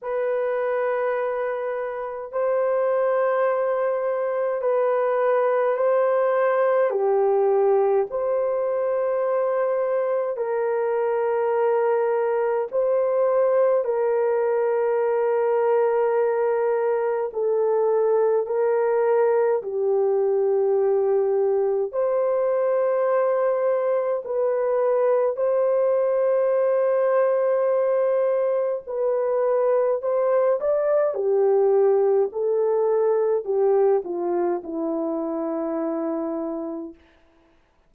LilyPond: \new Staff \with { instrumentName = "horn" } { \time 4/4 \tempo 4 = 52 b'2 c''2 | b'4 c''4 g'4 c''4~ | c''4 ais'2 c''4 | ais'2. a'4 |
ais'4 g'2 c''4~ | c''4 b'4 c''2~ | c''4 b'4 c''8 d''8 g'4 | a'4 g'8 f'8 e'2 | }